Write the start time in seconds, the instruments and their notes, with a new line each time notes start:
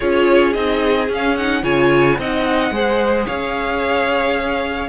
0.00 cello C#4, viola F4, violin G#4 C#5
0.53 cello C4, viola D#4, violin D#5
1.08 cello C#4, viola C#4, violin F5
1.36 viola D#4, violin F#5
1.62 cello C#3, viola F4, violin C#5 G#5
2.18 cello C4, viola D#4, violin D#5 F#5
2.71 cello G#3, viola G#4, violin C5
3.26 cello C#4, violin C#5 F5